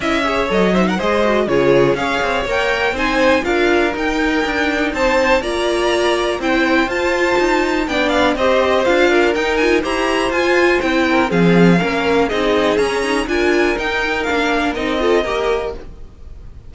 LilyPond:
<<
  \new Staff \with { instrumentName = "violin" } { \time 4/4 \tempo 4 = 122 e''4 dis''8 e''16 fis''16 dis''4 cis''4 | f''4 g''4 gis''4 f''4 | g''2 a''4 ais''4~ | ais''4 g''4 a''2 |
g''8 f''8 dis''4 f''4 g''8 gis''8 | ais''4 gis''4 g''4 f''4~ | f''4 dis''4 ais''4 gis''4 | g''4 f''4 dis''2 | }
  \new Staff \with { instrumentName = "violin" } { \time 4/4 dis''8 cis''4 c''16 ais'16 c''4 gis'4 | cis''2 c''4 ais'4~ | ais'2 c''4 d''4~ | d''4 c''2. |
d''4 c''4. ais'4. | c''2~ c''8 ais'8 gis'4 | ais'4 gis'2 ais'4~ | ais'2~ ais'8 a'8 ais'4 | }
  \new Staff \with { instrumentName = "viola" } { \time 4/4 e'8 gis'8 a'8 dis'8 gis'8 fis'8 f'4 | gis'4 ais'4 dis'4 f'4 | dis'2. f'4~ | f'4 e'4 f'2 |
d'4 g'4 f'4 dis'8 f'8 | g'4 f'4 e'4 c'4 | cis'4 dis'4 cis'8 dis'8 f'4 | dis'4 d'4 dis'8 f'8 g'4 | }
  \new Staff \with { instrumentName = "cello" } { \time 4/4 cis'4 fis4 gis4 cis4 | cis'8 c'8 ais4 c'4 d'4 | dis'4 d'4 c'4 ais4~ | ais4 c'4 f'4 dis'4 |
b4 c'4 d'4 dis'4 | e'4 f'4 c'4 f4 | ais4 c'4 cis'4 d'4 | dis'4 ais4 c'4 ais4 | }
>>